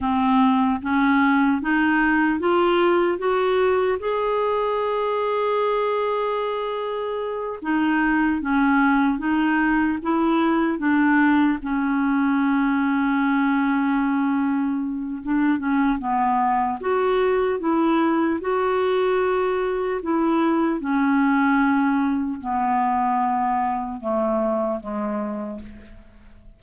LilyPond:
\new Staff \with { instrumentName = "clarinet" } { \time 4/4 \tempo 4 = 75 c'4 cis'4 dis'4 f'4 | fis'4 gis'2.~ | gis'4. dis'4 cis'4 dis'8~ | dis'8 e'4 d'4 cis'4.~ |
cis'2. d'8 cis'8 | b4 fis'4 e'4 fis'4~ | fis'4 e'4 cis'2 | b2 a4 gis4 | }